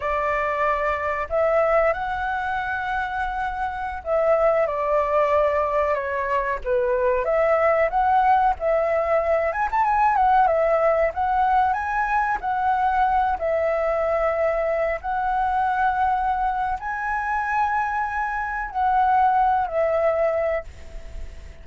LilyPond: \new Staff \with { instrumentName = "flute" } { \time 4/4 \tempo 4 = 93 d''2 e''4 fis''4~ | fis''2~ fis''16 e''4 d''8.~ | d''4~ d''16 cis''4 b'4 e''8.~ | e''16 fis''4 e''4. gis''16 a''16 gis''8 fis''16~ |
fis''16 e''4 fis''4 gis''4 fis''8.~ | fis''8. e''2~ e''8 fis''8.~ | fis''2 gis''2~ | gis''4 fis''4. e''4. | }